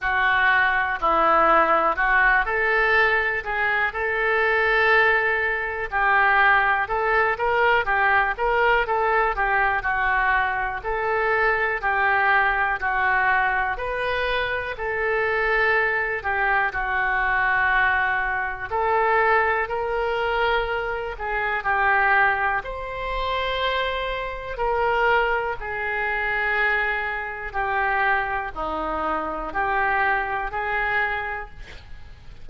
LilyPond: \new Staff \with { instrumentName = "oboe" } { \time 4/4 \tempo 4 = 61 fis'4 e'4 fis'8 a'4 gis'8 | a'2 g'4 a'8 ais'8 | g'8 ais'8 a'8 g'8 fis'4 a'4 | g'4 fis'4 b'4 a'4~ |
a'8 g'8 fis'2 a'4 | ais'4. gis'8 g'4 c''4~ | c''4 ais'4 gis'2 | g'4 dis'4 g'4 gis'4 | }